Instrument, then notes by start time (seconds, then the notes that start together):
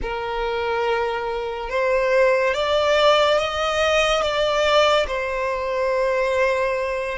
violin
0.02 A#4
1.69 C5
2.54 D5
3.38 D#5
4.21 D5
5.07 C5